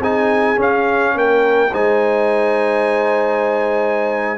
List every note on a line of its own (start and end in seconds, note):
0.00 0.57 C4
0.00 0.56 D#4
0.00 1.13 G#4
0.00 0.60 G#5
0.56 1.69 C#4
0.56 1.15 C#4
0.56 1.18 F5
1.15 1.71 A#3
1.15 1.72 A#4
1.15 1.74 G5
1.72 4.38 G#3
1.72 4.38 D#4
1.72 4.38 C5
1.72 4.38 G#5